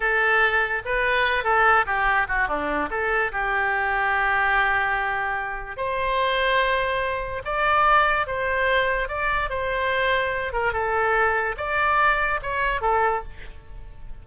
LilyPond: \new Staff \with { instrumentName = "oboe" } { \time 4/4 \tempo 4 = 145 a'2 b'4. a'8~ | a'8 g'4 fis'8 d'4 a'4 | g'1~ | g'2 c''2~ |
c''2 d''2 | c''2 d''4 c''4~ | c''4. ais'8 a'2 | d''2 cis''4 a'4 | }